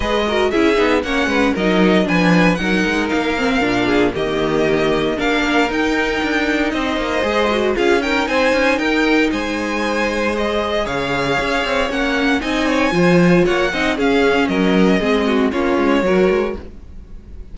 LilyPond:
<<
  \new Staff \with { instrumentName = "violin" } { \time 4/4 \tempo 4 = 116 dis''4 e''4 fis''4 dis''4 | gis''4 fis''4 f''2 | dis''2 f''4 g''4~ | g''4 dis''2 f''8 g''8 |
gis''4 g''4 gis''2 | dis''4 f''2 fis''4 | gis''2 fis''4 f''4 | dis''2 cis''2 | }
  \new Staff \with { instrumentName = "violin" } { \time 4/4 b'8 ais'8 gis'4 cis''8 b'8 ais'4 | b'4 ais'2~ ais'8 gis'8 | g'2 ais'2~ | ais'4 c''2 gis'8 ais'8 |
c''4 ais'4 c''2~ | c''4 cis''2. | dis''8 cis''8 c''4 cis''8 dis''8 gis'4 | ais'4 gis'8 fis'8 f'4 ais'4 | }
  \new Staff \with { instrumentName = "viola" } { \time 4/4 gis'8 fis'8 e'8 dis'8 cis'4 dis'4 | d'4 dis'4. c'8 d'4 | ais2 d'4 dis'4~ | dis'2 gis'8 fis'8 f'8 dis'8~ |
dis'1 | gis'2. cis'4 | dis'4 f'4. dis'8 cis'4~ | cis'4 c'4 cis'4 fis'4 | }
  \new Staff \with { instrumentName = "cello" } { \time 4/4 gis4 cis'8 b8 ais8 gis8 fis4 | f4 fis8 gis8 ais4 ais,4 | dis2 ais4 dis'4 | d'4 c'8 ais8 gis4 cis'4 |
c'8 cis'8 dis'4 gis2~ | gis4 cis4 cis'8 c'8 ais4 | c'4 f4 ais8 c'8 cis'4 | fis4 gis4 ais8 gis8 fis8 gis8 | }
>>